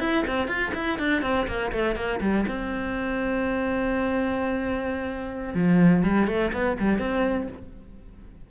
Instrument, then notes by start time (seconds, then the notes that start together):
cello
0.00 E4
0.27 C4
0.48 F4
0.75 E4
0.99 D4
1.22 C4
1.47 A#3
1.72 A3
1.96 A#3
2.21 G3
2.48 C4
5.55 F3
6.04 G3
6.27 A3
6.53 B3
6.80 G3
6.99 C4